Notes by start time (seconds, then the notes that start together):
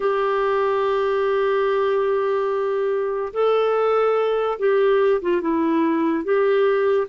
0.00 G4
3.33 A4
4.58 G4
5.21 F4
5.41 E4
6.23 G4